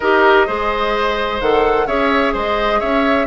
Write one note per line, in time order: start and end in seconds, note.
0.00 0.48 D#4
0.00 0.47 G4
0.00 0.46 A#4
0.00 1.40 D#5
0.46 1.40 G#3
0.46 1.41 G#4
0.46 1.86 C5
1.40 1.87 D#3
1.40 1.87 A4
1.40 1.87 F#5
1.86 2.33 C#4
1.86 3.26 G#4
1.86 2.33 C#5
1.86 2.34 E5
2.33 2.81 G#3
2.33 2.79 C5
2.33 2.80 D#5
2.79 3.26 C#4
2.79 3.26 C#5
2.79 3.26 E5